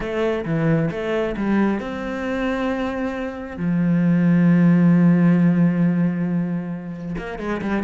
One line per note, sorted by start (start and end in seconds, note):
0.00 0.44 A3
0.45 0.90 E3
0.91 1.35 A3
1.36 1.80 G3
1.80 3.57 C4
3.57 7.15 F3
7.17 7.39 A#3
7.39 7.61 G#3
7.61 7.83 G3